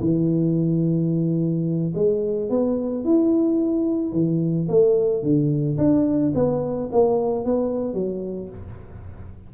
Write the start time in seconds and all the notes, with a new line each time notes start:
0.00 E3
1.94 G#3
2.49 B3
3.04 E4
4.12 E3
4.68 A3
5.22 D3
5.77 D4
6.34 B3
6.92 A#3
7.45 B3
7.93 F#3